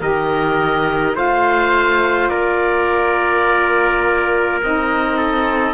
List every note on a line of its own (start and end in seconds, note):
0.00 1.15 D#3
0.00 1.15 G4
0.00 1.16 A#4
0.00 1.18 D#5
1.15 2.31 A3
1.15 4.61 F4
1.15 2.31 C5
1.15 2.29 F5
2.29 4.62 A#3
2.29 5.18 A#4
2.29 4.60 D5
4.63 5.75 C4
4.63 5.75 D#4
4.63 5.75 D#5
5.18 5.75 A4